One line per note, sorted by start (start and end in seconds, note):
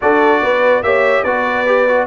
0.01 0.42 D4
0.01 0.83 F#4
0.01 0.42 A4
0.01 0.83 D5
0.42 0.82 B3
0.42 0.83 B4
0.82 1.23 A#3
0.82 1.25 G4
0.82 1.24 C#5
0.82 1.23 E5
1.23 2.06 B3
1.23 1.66 F#4
1.23 2.06 B4
1.23 2.06 D5
1.66 1.87 G4
1.88 2.06 F#4